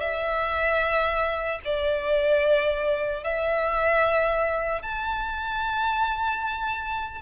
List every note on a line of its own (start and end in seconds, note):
0.00 1.60 E5
1.65 3.24 D5
3.24 4.82 E5
4.82 7.22 A5